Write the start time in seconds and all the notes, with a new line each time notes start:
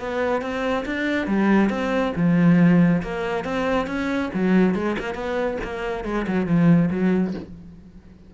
0.00 B3
0.42 C4
0.86 D4
1.28 G3
1.70 C4
2.16 F3
3.03 A#3
3.45 C4
3.87 C#4
4.34 F#3
4.75 G#3
4.99 A#3
5.15 B3
5.64 A#3
6.05 G#3
6.28 F#3
6.47 F3
6.91 F#3